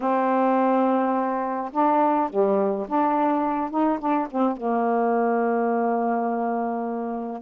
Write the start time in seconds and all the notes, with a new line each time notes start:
0.00 C4
1.72 D4
2.29 G3
2.88 D4
3.70 D#4
3.99 D4
4.31 C4
4.56 A#3